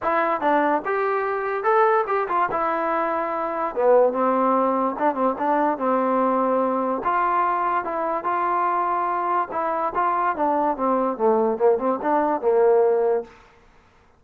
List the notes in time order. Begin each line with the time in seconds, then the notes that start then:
0.02 E4
0.40 D4
0.85 G4
1.63 A4
2.07 G4
2.28 F4
2.51 E4
3.75 B3
4.12 C4
4.98 D4
5.14 C4
5.38 D4
5.77 C4
7.04 F4
7.84 E4
8.24 F4
9.51 E4
9.95 F4
10.36 D4
10.76 C4
11.17 A3
11.57 A#3
11.78 C4
12.02 D4
12.41 A#3